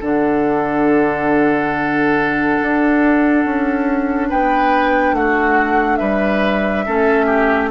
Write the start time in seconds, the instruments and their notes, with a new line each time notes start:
0.00 bassoon D3, clarinet D4, oboe A4, flute F#5
2.62 bassoon D4
3.45 bassoon C#4
4.29 bassoon B3, oboe B4, flute G5
5.12 bassoon A3, oboe F#4, flute F#5
5.96 bassoon G3, oboe B4, flute E5
6.86 bassoon A3, clarinet C#4, oboe A4
7.26 oboe G4